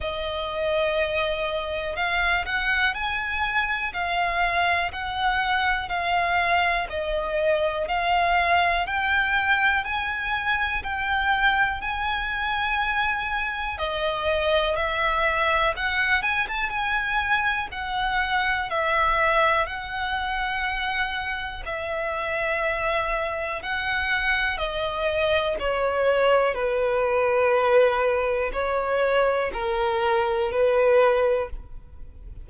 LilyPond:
\new Staff \with { instrumentName = "violin" } { \time 4/4 \tempo 4 = 61 dis''2 f''8 fis''8 gis''4 | f''4 fis''4 f''4 dis''4 | f''4 g''4 gis''4 g''4 | gis''2 dis''4 e''4 |
fis''8 gis''16 a''16 gis''4 fis''4 e''4 | fis''2 e''2 | fis''4 dis''4 cis''4 b'4~ | b'4 cis''4 ais'4 b'4 | }